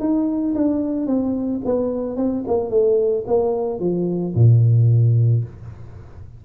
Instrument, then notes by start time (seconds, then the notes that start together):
tuba
0.00 D#4
0.55 D4
1.07 C4
1.65 B3
2.17 C4
2.48 A#3
2.70 A3
3.27 A#3
3.80 F3
4.35 A#2